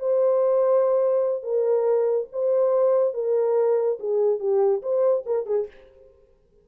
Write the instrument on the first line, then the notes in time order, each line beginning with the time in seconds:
horn
0.00 C5
1.43 A#4
2.33 C5
3.14 A#4
4.00 G#4
4.40 G4
4.82 C5
5.26 A#4
5.47 G#4